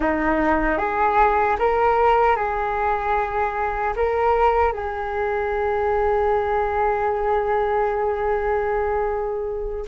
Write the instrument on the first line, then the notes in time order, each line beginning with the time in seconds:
flute
0.00 D#4
0.78 G#4
1.58 A#4
2.35 G#4
3.95 A#4
4.72 G#4